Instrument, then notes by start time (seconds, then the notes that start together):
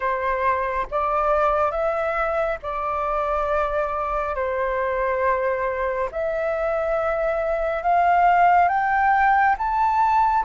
flute
0.00 C5
0.91 D5
1.71 E5
2.62 D5
4.35 C5
6.11 E5
7.82 F5
8.68 G5
9.57 A5